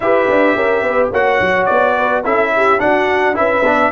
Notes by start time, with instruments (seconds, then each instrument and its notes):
0.00 tuba E4, trombone G4, horn B4, trumpet E5
0.29 tuba D4
0.55 tuba C#4, horn A#4
0.82 tuba B3, horn B4
1.11 tuba A#3, trombone F#4, horn C#5, trumpet F#5
1.40 tuba F#3
1.65 tuba B3, trumpet D5
1.96 horn B4
2.23 tuba C#4, trombone E4, horn A4, trumpet E5
2.55 horn G4
2.79 trombone D4, tuba D4, horn F#4, trumpet F#5
3.34 tuba C#4, trombone E4, horn B4, trumpet E5
3.62 tuba B3, trombone D4